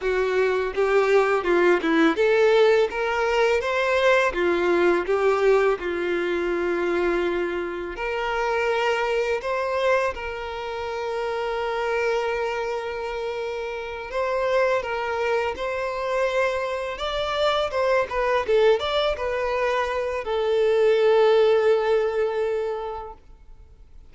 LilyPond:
\new Staff \with { instrumentName = "violin" } { \time 4/4 \tempo 4 = 83 fis'4 g'4 f'8 e'8 a'4 | ais'4 c''4 f'4 g'4 | f'2. ais'4~ | ais'4 c''4 ais'2~ |
ais'2.~ ais'8 c''8~ | c''8 ais'4 c''2 d''8~ | d''8 c''8 b'8 a'8 d''8 b'4. | a'1 | }